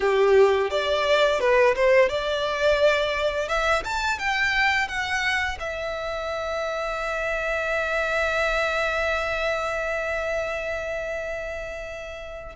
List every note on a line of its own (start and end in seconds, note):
0.00 0.70 G4
0.70 1.40 D5
1.40 1.74 B4
1.75 2.09 C5
2.09 3.48 D5
3.48 3.83 E5
3.84 4.19 A5
4.19 4.88 G5
4.88 5.58 F#5
5.59 12.55 E5